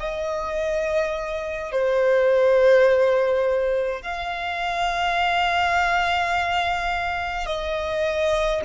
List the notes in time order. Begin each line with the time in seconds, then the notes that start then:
0.00 D#5
1.72 C5
4.02 F5
7.46 D#5